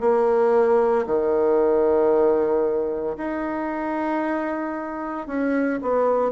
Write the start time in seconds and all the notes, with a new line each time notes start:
0.00 A#3
1.06 D#3
3.17 D#4
5.27 C#4
5.81 B3